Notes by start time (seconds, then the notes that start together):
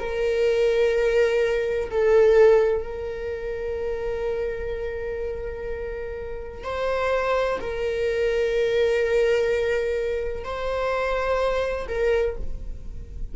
0.00 A#4
1.91 A4
2.83 A#4
6.65 C5
7.61 A#4
10.45 C5
11.89 A#4